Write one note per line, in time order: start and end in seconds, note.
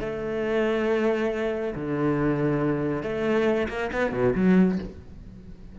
0.00 1.74 A3
1.75 3.03 D3
3.03 3.68 A3
3.68 3.90 A#3
3.92 4.12 B3
4.12 4.34 B2
4.35 4.78 F#3